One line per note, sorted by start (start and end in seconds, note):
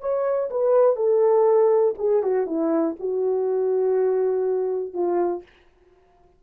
0.00 0.49 C#5
0.50 0.96 B4
0.96 1.94 A4
1.98 2.22 G#4
2.22 2.46 F#4
2.46 2.96 E4
3.00 4.93 F#4
4.93 5.43 F4